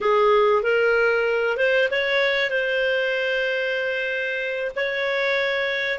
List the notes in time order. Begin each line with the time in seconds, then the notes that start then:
0.00 G#4
0.62 A#4
1.57 C5
1.90 C#5
2.50 C5
4.76 C#5